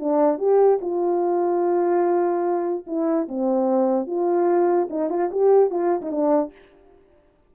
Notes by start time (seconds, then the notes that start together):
0.00 D4
0.39 G4
0.82 F4
2.87 E4
3.29 C4
4.07 F4
4.91 D#4
5.10 F4
5.32 G4
5.71 F4
6.02 D#4
6.12 D4